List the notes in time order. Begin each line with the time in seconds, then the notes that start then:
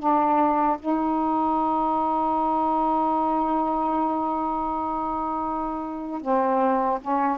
0.00 D4
0.80 D#4
6.22 C4
7.02 C#4